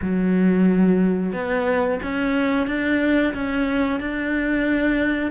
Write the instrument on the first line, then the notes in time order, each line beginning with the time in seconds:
cello
0.01 F#3
1.32 B3
2.02 C#4
2.67 D4
3.34 C#4
4.00 D4